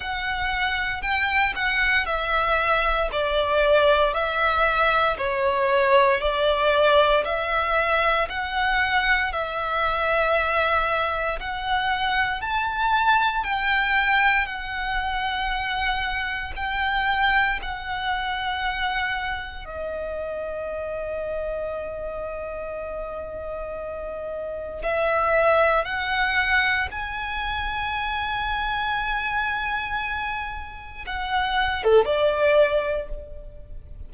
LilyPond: \new Staff \with { instrumentName = "violin" } { \time 4/4 \tempo 4 = 58 fis''4 g''8 fis''8 e''4 d''4 | e''4 cis''4 d''4 e''4 | fis''4 e''2 fis''4 | a''4 g''4 fis''2 |
g''4 fis''2 dis''4~ | dis''1 | e''4 fis''4 gis''2~ | gis''2 fis''8. a'16 d''4 | }